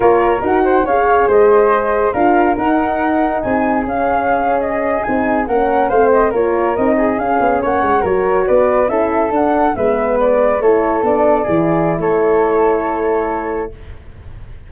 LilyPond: <<
  \new Staff \with { instrumentName = "flute" } { \time 4/4 \tempo 4 = 140 cis''4 fis''4 f''4 dis''4~ | dis''4 f''4 fis''2 | gis''4 f''4.~ f''16 dis''4 gis''16~ | gis''8. fis''4 f''8 dis''8 cis''4 dis''16~ |
dis''8. f''4 fis''4 cis''4 d''16~ | d''8. e''4 fis''4 e''4 d''16~ | d''8. cis''4 d''2~ d''16 | cis''1 | }
  \new Staff \with { instrumentName = "flute" } { \time 4/4 ais'4. c''8 cis''4 c''4~ | c''4 ais'2. | gis'1~ | gis'8. ais'4 c''4 ais'4~ ais'16~ |
ais'16 gis'4. cis''4 ais'4 b'16~ | b'8. a'2 b'4~ b'16~ | b'8. a'2 gis'4~ gis'16 | a'1 | }
  \new Staff \with { instrumentName = "horn" } { \time 4/4 f'4 fis'4 gis'2~ | gis'4 f'4 dis'2~ | dis'4 cis'2~ cis'8. dis'16~ | dis'8. cis'4 c'4 f'4 dis'16~ |
dis'8. cis'2 fis'4~ fis'16~ | fis'8. e'4 d'4 b4~ b16~ | b8. e'4 d'4 e'4~ e'16~ | e'1 | }
  \new Staff \with { instrumentName = "tuba" } { \time 4/4 ais4 dis'4 cis'4 gis4~ | gis4 d'4 dis'2 | c'4 cis'2~ cis'8. c'16~ | c'8. ais4 a4 ais4 c'16~ |
c'8. cis'8 b8 ais8 gis8 fis4 b16~ | b8. cis'4 d'4 gis4~ gis16~ | gis8. a4 b4 e4~ e16 | a1 | }
>>